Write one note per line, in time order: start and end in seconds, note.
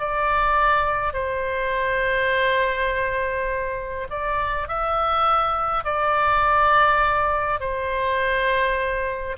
0.00 1.14 D5
1.14 4.08 C5
4.10 4.68 D5
4.68 5.85 E5
5.85 7.60 D5
7.60 9.37 C5